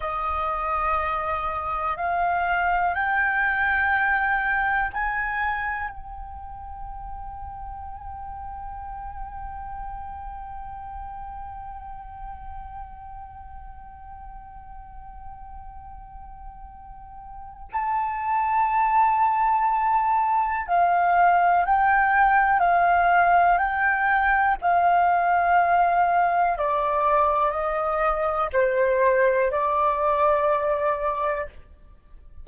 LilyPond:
\new Staff \with { instrumentName = "flute" } { \time 4/4 \tempo 4 = 61 dis''2 f''4 g''4~ | g''4 gis''4 g''2~ | g''1~ | g''1~ |
g''2 a''2~ | a''4 f''4 g''4 f''4 | g''4 f''2 d''4 | dis''4 c''4 d''2 | }